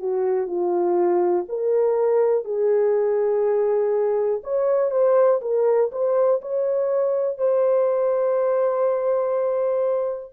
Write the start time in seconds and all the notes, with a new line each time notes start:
0.00 F#4
0.47 F4
1.49 A#4
2.45 G#4
4.44 C#5
4.91 C5
5.42 A#4
5.92 C5
6.42 C#5
7.39 C5